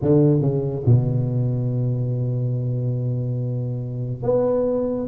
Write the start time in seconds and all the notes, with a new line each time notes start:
0.01 D3
0.41 C#3
0.85 B2
4.23 B3